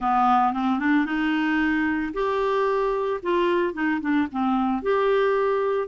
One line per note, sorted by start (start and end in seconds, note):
0.00 0.53 B3
0.53 0.79 C4
0.79 1.05 D4
1.05 2.12 D#4
2.13 3.20 G4
3.22 3.73 F4
3.73 4.00 D#4
4.00 4.27 D4
4.31 4.82 C4
4.82 5.88 G4